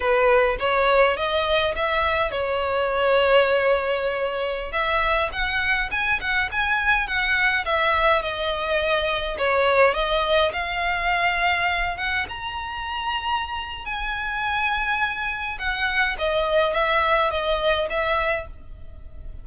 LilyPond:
\new Staff \with { instrumentName = "violin" } { \time 4/4 \tempo 4 = 104 b'4 cis''4 dis''4 e''4 | cis''1~ | cis''16 e''4 fis''4 gis''8 fis''8 gis''8.~ | gis''16 fis''4 e''4 dis''4.~ dis''16~ |
dis''16 cis''4 dis''4 f''4.~ f''16~ | f''8. fis''8 ais''2~ ais''8. | gis''2. fis''4 | dis''4 e''4 dis''4 e''4 | }